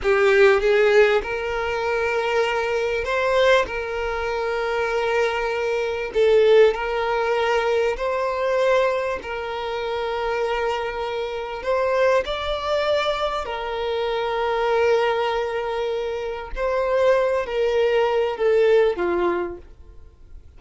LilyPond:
\new Staff \with { instrumentName = "violin" } { \time 4/4 \tempo 4 = 98 g'4 gis'4 ais'2~ | ais'4 c''4 ais'2~ | ais'2 a'4 ais'4~ | ais'4 c''2 ais'4~ |
ais'2. c''4 | d''2 ais'2~ | ais'2. c''4~ | c''8 ais'4. a'4 f'4 | }